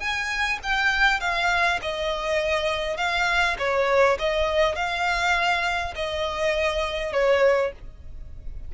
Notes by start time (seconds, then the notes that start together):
0.00 G#5
0.63 G5
1.21 F5
1.82 D#5
2.98 F5
3.59 C#5
4.19 D#5
4.76 F5
5.96 D#5
7.13 C#5